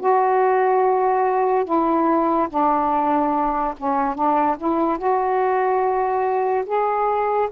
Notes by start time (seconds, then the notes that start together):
0.00 F#4
1.64 E4
2.49 D4
3.77 C#4
4.15 D4
4.58 E4
4.98 F#4
6.66 G#4